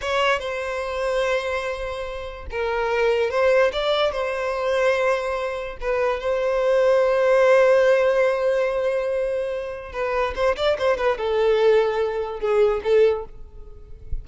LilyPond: \new Staff \with { instrumentName = "violin" } { \time 4/4 \tempo 4 = 145 cis''4 c''2.~ | c''2 ais'2 | c''4 d''4 c''2~ | c''2 b'4 c''4~ |
c''1~ | c''1 | b'4 c''8 d''8 c''8 b'8 a'4~ | a'2 gis'4 a'4 | }